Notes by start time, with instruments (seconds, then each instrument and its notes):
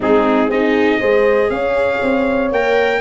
0.00 tuba G#3, viola C4, horn D#4, trumpet G#4
0.49 tuba C4, viola D#4, horn G#4, trumpet D#5
1.00 tuba G#3, viola G#4, horn C5
1.49 tuba C#4, horn C#5, trumpet F5
2.02 tuba C4
2.51 tuba A#3, viola A#4, trumpet G5